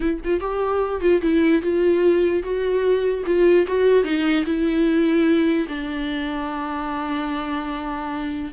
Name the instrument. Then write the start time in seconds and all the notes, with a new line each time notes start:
viola
0.00 E4
0.24 F4
0.40 G4
1.00 F4
1.21 E4
1.62 F4
2.42 F#4
3.25 F4
3.67 F#4
4.04 D#4
4.45 E4
5.68 D4